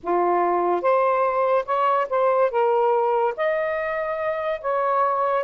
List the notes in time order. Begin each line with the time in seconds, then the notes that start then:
0.03 F4
0.81 C5
1.65 C#5
2.09 C5
2.50 A#4
3.36 D#5
4.61 C#5